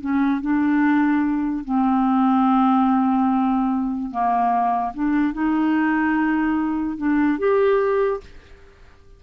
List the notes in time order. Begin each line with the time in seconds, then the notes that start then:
0.00 C#4
0.41 D4
1.64 C4
4.10 A#3
4.94 D4
5.33 D#4
6.97 D4
7.38 G4